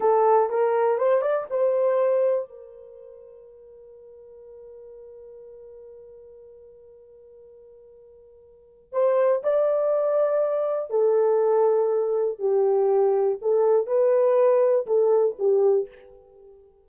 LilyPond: \new Staff \with { instrumentName = "horn" } { \time 4/4 \tempo 4 = 121 a'4 ais'4 c''8 d''8 c''4~ | c''4 ais'2.~ | ais'1~ | ais'1~ |
ais'2 c''4 d''4~ | d''2 a'2~ | a'4 g'2 a'4 | b'2 a'4 g'4 | }